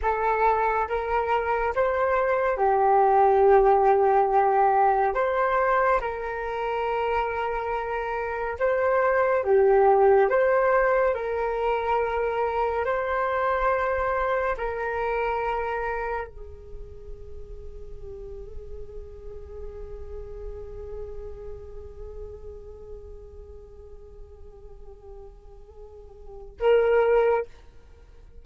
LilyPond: \new Staff \with { instrumentName = "flute" } { \time 4/4 \tempo 4 = 70 a'4 ais'4 c''4 g'4~ | g'2 c''4 ais'4~ | ais'2 c''4 g'4 | c''4 ais'2 c''4~ |
c''4 ais'2 gis'4~ | gis'1~ | gis'1~ | gis'2. ais'4 | }